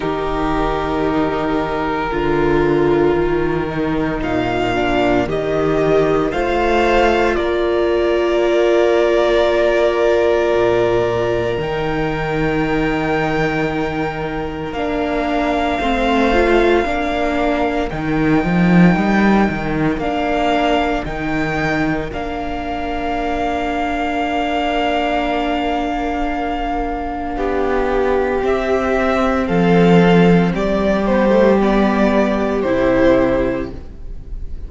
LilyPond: <<
  \new Staff \with { instrumentName = "violin" } { \time 4/4 \tempo 4 = 57 ais'1 | f''4 dis''4 f''4 d''4~ | d''2. g''4~ | g''2 f''2~ |
f''4 g''2 f''4 | g''4 f''2.~ | f''2. e''4 | f''4 d''8 c''8 d''4 c''4 | }
  \new Staff \with { instrumentName = "violin" } { \time 4/4 g'2 ais'2~ | ais'2 c''4 ais'4~ | ais'1~ | ais'2. c''4 |
ais'1~ | ais'1~ | ais'2 g'2 | a'4 g'2. | }
  \new Staff \with { instrumentName = "viola" } { \time 4/4 dis'2 f'4. dis'8~ | dis'8 d'8 g'4 f'2~ | f'2. dis'4~ | dis'2 d'4 c'8 f'8 |
d'4 dis'2 d'4 | dis'4 d'2.~ | d'2. c'4~ | c'4. b16 a16 b4 e'4 | }
  \new Staff \with { instrumentName = "cello" } { \time 4/4 dis2 d4 dis4 | ais,4 dis4 a4 ais4~ | ais2 ais,4 dis4~ | dis2 ais4 a4 |
ais4 dis8 f8 g8 dis8 ais4 | dis4 ais2.~ | ais2 b4 c'4 | f4 g2 c4 | }
>>